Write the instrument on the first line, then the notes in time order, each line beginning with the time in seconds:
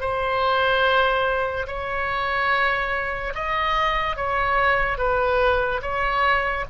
oboe
0.00 C5
1.67 C#5
3.34 D#5
4.16 C#5
4.98 B4
5.81 C#5